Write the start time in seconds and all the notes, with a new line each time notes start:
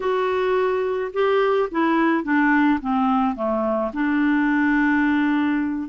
0.00 F#4
1.13 G4
1.71 E4
2.23 D4
2.80 C4
3.35 A3
3.93 D4